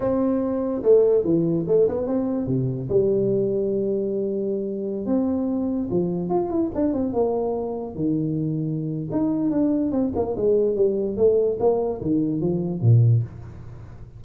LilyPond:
\new Staff \with { instrumentName = "tuba" } { \time 4/4 \tempo 4 = 145 c'2 a4 e4 | a8 b8 c'4 c4 g4~ | g1~ | g16 c'2 f4 f'8 e'16~ |
e'16 d'8 c'8 ais2 dis8.~ | dis2 dis'4 d'4 | c'8 ais8 gis4 g4 a4 | ais4 dis4 f4 ais,4 | }